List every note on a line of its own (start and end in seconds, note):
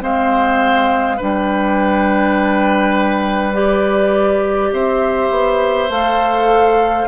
0.00 1.20 G#3
0.00 1.18 C4
0.00 1.17 C5
0.00 1.22 F5
1.17 4.72 G3
1.17 3.53 D4
1.17 4.70 B4
1.17 3.55 G5
3.53 5.88 G4
3.53 4.73 D5
4.72 5.30 C4
4.72 7.08 C5
4.72 5.90 E5
5.30 5.89 B3
5.89 7.07 A3
5.89 7.08 A4
5.89 7.08 F5